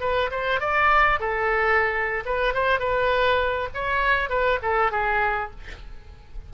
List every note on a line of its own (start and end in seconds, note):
0.00 0.30 B4
0.31 0.60 C5
0.60 1.19 D5
1.19 2.23 A4
2.25 2.54 B4
2.54 2.79 C5
2.79 3.68 B4
3.74 4.29 C#5
4.29 4.59 B4
4.62 4.91 A4
4.91 5.50 G#4